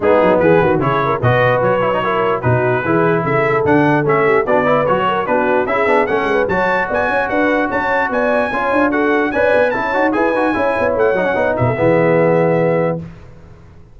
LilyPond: <<
  \new Staff \with { instrumentName = "trumpet" } { \time 4/4 \tempo 4 = 148 gis'4 b'4 cis''4 dis''4 | cis''2 b'2 | e''4 fis''4 e''4 d''4 | cis''4 b'4 e''4 fis''4 |
a''4 gis''4 fis''4 a''4 | gis''2 fis''4 gis''4 | a''4 gis''2 fis''4~ | fis''8 e''2.~ e''8 | }
  \new Staff \with { instrumentName = "horn" } { \time 4/4 dis'4 gis'8 fis'8 gis'8 ais'8 b'4~ | b'4 ais'4 fis'4 gis'4 | a'2~ a'8 g'8 fis'8 b'8~ | b'8 ais'8 fis'4 gis'4 a'8 b'8 |
cis''4 d''8 cis''8 b'4 cis''4 | d''4 cis''4 a'4 d''4 | cis''4 b'4 cis''2~ | cis''8 b'16 a'16 gis'2. | }
  \new Staff \with { instrumentName = "trombone" } { \time 4/4 b2 e'4 fis'4~ | fis'8 e'16 dis'16 e'4 dis'4 e'4~ | e'4 d'4 cis'4 d'8 e'8 | fis'4 d'4 e'8 d'8 cis'4 |
fis'1~ | fis'4 f'4 fis'4 b'4 | e'8 fis'8 gis'8 fis'8 e'4. dis'16 cis'16 | dis'4 b2. | }
  \new Staff \with { instrumentName = "tuba" } { \time 4/4 gis8 fis8 e8 dis8 cis4 b,4 | fis2 b,4 e4 | cis4 d4 a4 b4 | fis4 b4 cis'8 b8 a8 gis8 |
fis4 b8 cis'8 d'4 cis'4 | b4 cis'8 d'4. cis'8 b8 | cis'8 dis'8 e'8 dis'8 cis'8 b8 a8 fis8 | b8 b,8 e2. | }
>>